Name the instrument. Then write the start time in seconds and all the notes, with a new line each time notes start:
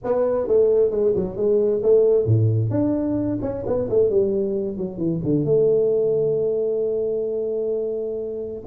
tuba
0.04 B3
0.47 A3
0.90 G#3
1.15 F#3
1.36 G#3
1.83 A3
2.25 A2
2.70 D4
3.41 C#4
3.66 B3
3.89 A3
4.10 G3
4.77 F#3
4.97 E3
5.23 D3
5.44 A3